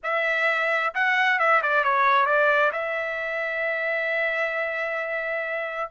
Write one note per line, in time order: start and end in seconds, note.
0.03 0.94 E5
0.94 1.39 F#5
1.39 1.61 E5
1.62 1.83 D5
1.83 2.26 C#5
2.26 2.71 D5
2.72 5.90 E5